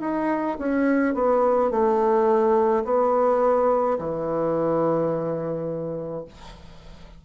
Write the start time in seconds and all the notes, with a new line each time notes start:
0.00 D#4
0.58 C#4
1.14 B3
1.70 A3
2.84 B3
3.98 E3